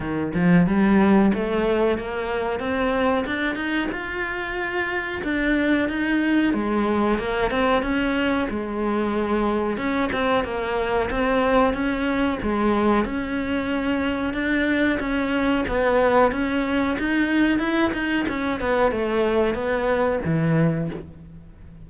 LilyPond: \new Staff \with { instrumentName = "cello" } { \time 4/4 \tempo 4 = 92 dis8 f8 g4 a4 ais4 | c'4 d'8 dis'8 f'2 | d'4 dis'4 gis4 ais8 c'8 | cis'4 gis2 cis'8 c'8 |
ais4 c'4 cis'4 gis4 | cis'2 d'4 cis'4 | b4 cis'4 dis'4 e'8 dis'8 | cis'8 b8 a4 b4 e4 | }